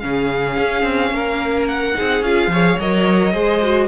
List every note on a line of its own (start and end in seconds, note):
0.00 0.57 C#3
0.00 1.94 C#4
0.00 1.14 G#4
0.00 1.67 F5
0.57 0.83 C#4
0.83 1.11 C4
1.11 1.94 A#3
1.11 1.97 A#4
1.68 2.24 F#5
1.94 2.22 D#4
1.94 2.52 G#4
2.01 2.22 C4
2.22 2.48 C#4
2.22 2.52 F4
2.22 2.79 F5
2.48 2.76 F3
2.48 2.80 G#4
2.48 3.33 C#5
2.80 3.34 F#3
2.80 3.34 A#4
2.80 3.88 D#5
3.33 3.88 G#3
3.33 3.62 G#4
3.33 3.88 C5
3.63 3.88 F#4